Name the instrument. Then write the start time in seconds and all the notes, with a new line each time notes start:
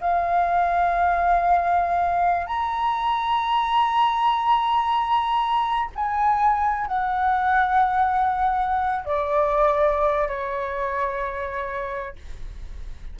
flute
0.00 F5
2.46 A#5
5.95 G#5
6.86 F#5
9.05 D5
10.28 C#5